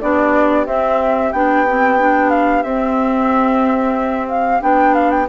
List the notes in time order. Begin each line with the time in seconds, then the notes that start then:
0.00 B3 D4 G4 D5
0.66 C4 E5
1.32 B3 D4 G5
1.67 C4
1.98 D4
2.30 F5
2.62 C4 E5
4.28 F5
4.61 B3 D4 G5
4.94 F5
5.10 G5